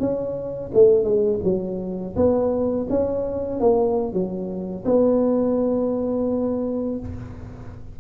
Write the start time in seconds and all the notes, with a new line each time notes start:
0.00 C#4
0.74 A3
1.04 G#3
1.44 F#3
2.16 B3
2.90 C#4
3.60 A#3
4.13 F#3
4.85 B3